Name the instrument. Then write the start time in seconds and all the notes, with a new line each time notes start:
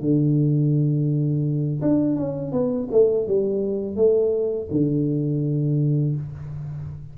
tuba
0.00 D3
1.81 D4
2.16 C#4
2.52 B3
2.91 A3
3.27 G3
3.96 A3
4.71 D3